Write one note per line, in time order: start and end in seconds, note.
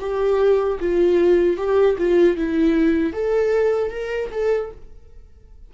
0.00 0.79 G4
0.80 1.57 F4
1.57 1.97 G4
1.98 2.37 F4
2.37 3.13 E4
3.13 3.91 A4
3.91 4.30 A#4
4.32 4.71 A4